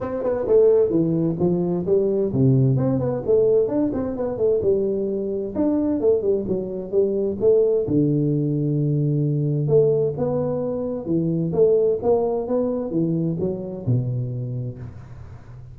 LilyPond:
\new Staff \with { instrumentName = "tuba" } { \time 4/4 \tempo 4 = 130 c'8 b8 a4 e4 f4 | g4 c4 c'8 b8 a4 | d'8 c'8 b8 a8 g2 | d'4 a8 g8 fis4 g4 |
a4 d2.~ | d4 a4 b2 | e4 a4 ais4 b4 | e4 fis4 b,2 | }